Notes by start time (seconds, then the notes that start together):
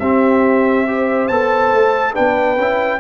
0.00 C4 G4 E5
0.87 G4 C5
1.28 B3 A4 A5
1.72 A3
2.13 B3 D4 B4 G5
2.58 C#4 E4